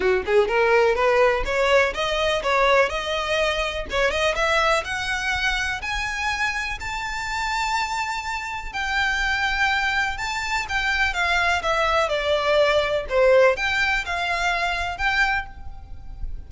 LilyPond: \new Staff \with { instrumentName = "violin" } { \time 4/4 \tempo 4 = 124 fis'8 gis'8 ais'4 b'4 cis''4 | dis''4 cis''4 dis''2 | cis''8 dis''8 e''4 fis''2 | gis''2 a''2~ |
a''2 g''2~ | g''4 a''4 g''4 f''4 | e''4 d''2 c''4 | g''4 f''2 g''4 | }